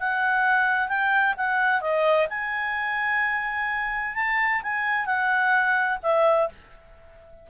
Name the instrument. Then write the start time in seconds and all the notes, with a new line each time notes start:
clarinet
0.00 F#5
0.89 G5
1.37 F#5
1.81 D#5
2.30 G#5
4.15 A5
4.63 G#5
5.06 F#5
6.03 E5